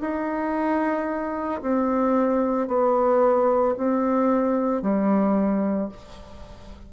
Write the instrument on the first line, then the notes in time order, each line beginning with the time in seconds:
bassoon
0.00 D#4
1.62 C4
2.67 B3
3.77 C4
4.82 G3